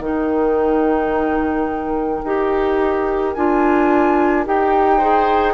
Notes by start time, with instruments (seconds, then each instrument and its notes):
0.00 bassoon D#3, clarinet D#4, oboe A#4, flute G5
2.24 bassoon D#4, clarinet G4
3.34 bassoon D4, clarinet F4, flute G#5
4.46 bassoon D#4, clarinet G4, flute G5
4.98 clarinet G#4, oboe C5